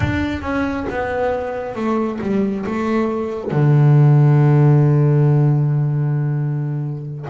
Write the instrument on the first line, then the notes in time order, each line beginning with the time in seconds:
double bass
0.00 D4
0.41 C#4
0.89 B3
1.75 A3
2.21 G3
2.66 A3
3.51 D3